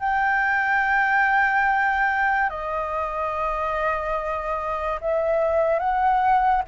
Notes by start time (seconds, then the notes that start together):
0.00 G5
2.50 D#5
5.01 E5
5.80 F#5